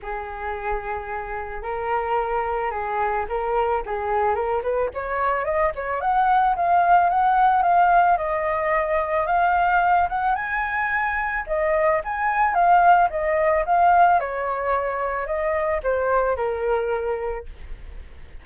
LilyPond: \new Staff \with { instrumentName = "flute" } { \time 4/4 \tempo 4 = 110 gis'2. ais'4~ | ais'4 gis'4 ais'4 gis'4 | ais'8 b'8 cis''4 dis''8 cis''8 fis''4 | f''4 fis''4 f''4 dis''4~ |
dis''4 f''4. fis''8 gis''4~ | gis''4 dis''4 gis''4 f''4 | dis''4 f''4 cis''2 | dis''4 c''4 ais'2 | }